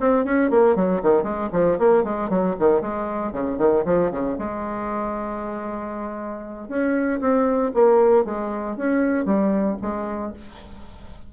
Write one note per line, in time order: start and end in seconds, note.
0.00 0.25 C4
0.25 0.50 C#4
0.50 0.75 A#3
0.75 1.01 F#3
1.02 1.23 D#3
1.23 1.49 G#3
1.52 1.78 F3
1.79 2.04 A#3
2.04 2.29 G#3
2.29 2.55 F#3
2.59 2.81 D#3
2.81 3.32 G#3
3.32 3.58 C#3
3.58 3.84 D#3
3.85 4.11 F3
4.11 4.37 C#3
4.38 6.68 G#3
6.68 7.20 C#4
7.20 7.72 C4
7.74 8.25 A#3
8.25 8.76 G#3
8.76 9.25 C#4
9.25 9.77 G3
9.81 10.33 G#3